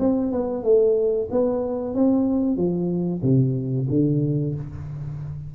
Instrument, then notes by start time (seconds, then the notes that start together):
tuba
0.00 C4
0.32 B3
0.64 A3
1.31 B3
1.95 C4
2.57 F3
3.23 C3
3.90 D3